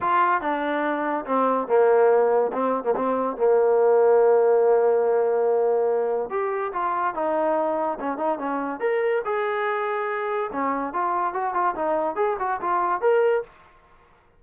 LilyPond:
\new Staff \with { instrumentName = "trombone" } { \time 4/4 \tempo 4 = 143 f'4 d'2 c'4 | ais2 c'8. ais16 c'4 | ais1~ | ais2. g'4 |
f'4 dis'2 cis'8 dis'8 | cis'4 ais'4 gis'2~ | gis'4 cis'4 f'4 fis'8 f'8 | dis'4 gis'8 fis'8 f'4 ais'4 | }